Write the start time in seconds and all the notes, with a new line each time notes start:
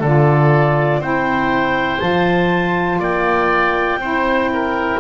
0.00 D3 F4 A4 D5
0.99 C4 E4 C5 G5
1.99 F3 F4 A5
2.99 A#3 D5 G5
3.97 C4 E4 C5
4.53 A#4